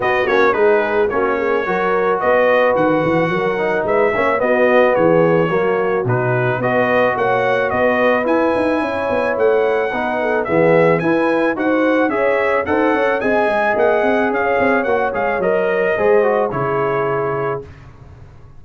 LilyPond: <<
  \new Staff \with { instrumentName = "trumpet" } { \time 4/4 \tempo 4 = 109 dis''8 cis''8 b'4 cis''2 | dis''4 fis''2 e''4 | dis''4 cis''2 b'4 | dis''4 fis''4 dis''4 gis''4~ |
gis''4 fis''2 e''4 | gis''4 fis''4 e''4 fis''4 | gis''4 fis''4 f''4 fis''8 f''8 | dis''2 cis''2 | }
  \new Staff \with { instrumentName = "horn" } { \time 4/4 fis'4 gis'4 fis'8 gis'8 ais'4 | b'2 ais'4 b'8 cis''8 | fis'4 gis'4 fis'2 | b'4 cis''4 b'2 |
cis''2 b'8 a'8 gis'4 | b'4 c''4 cis''4 c''8 cis''8 | dis''2 cis''2~ | cis''4 c''4 gis'2 | }
  \new Staff \with { instrumentName = "trombone" } { \time 4/4 b8 cis'8 dis'4 cis'4 fis'4~ | fis'2~ fis'8 dis'4 cis'8 | b2 ais4 dis'4 | fis'2. e'4~ |
e'2 dis'4 b4 | e'4 fis'4 gis'4 a'4 | gis'2. fis'8 gis'8 | ais'4 gis'8 fis'8 e'2 | }
  \new Staff \with { instrumentName = "tuba" } { \time 4/4 b8 ais8 gis4 ais4 fis4 | b4 dis8 e8 fis4 gis8 ais8 | b4 e4 fis4 b,4 | b4 ais4 b4 e'8 dis'8 |
cis'8 b8 a4 b4 e4 | e'4 dis'4 cis'4 dis'8 cis'8 | c'8 gis8 ais8 c'8 cis'8 c'8 ais8 gis8 | fis4 gis4 cis2 | }
>>